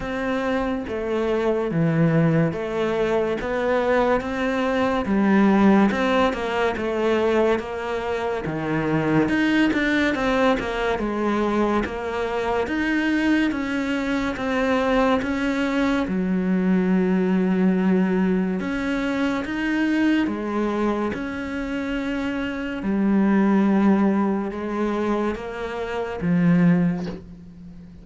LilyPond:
\new Staff \with { instrumentName = "cello" } { \time 4/4 \tempo 4 = 71 c'4 a4 e4 a4 | b4 c'4 g4 c'8 ais8 | a4 ais4 dis4 dis'8 d'8 | c'8 ais8 gis4 ais4 dis'4 |
cis'4 c'4 cis'4 fis4~ | fis2 cis'4 dis'4 | gis4 cis'2 g4~ | g4 gis4 ais4 f4 | }